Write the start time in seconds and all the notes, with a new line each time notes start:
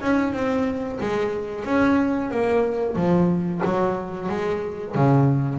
0.00 C#4
0.33 C4
1.00 G#3
1.65 C#4
2.30 A#3
2.95 F3
3.64 F#3
4.29 G#3
4.95 C#3